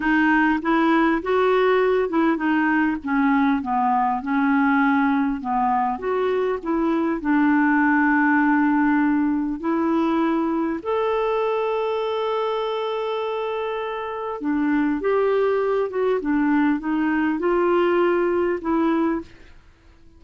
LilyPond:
\new Staff \with { instrumentName = "clarinet" } { \time 4/4 \tempo 4 = 100 dis'4 e'4 fis'4. e'8 | dis'4 cis'4 b4 cis'4~ | cis'4 b4 fis'4 e'4 | d'1 |
e'2 a'2~ | a'1 | d'4 g'4. fis'8 d'4 | dis'4 f'2 e'4 | }